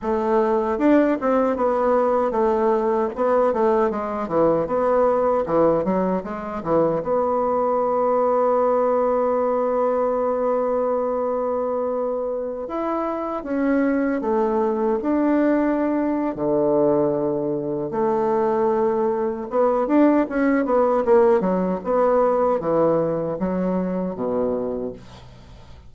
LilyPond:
\new Staff \with { instrumentName = "bassoon" } { \time 4/4 \tempo 4 = 77 a4 d'8 c'8 b4 a4 | b8 a8 gis8 e8 b4 e8 fis8 | gis8 e8 b2.~ | b1~ |
b16 e'4 cis'4 a4 d'8.~ | d'4 d2 a4~ | a4 b8 d'8 cis'8 b8 ais8 fis8 | b4 e4 fis4 b,4 | }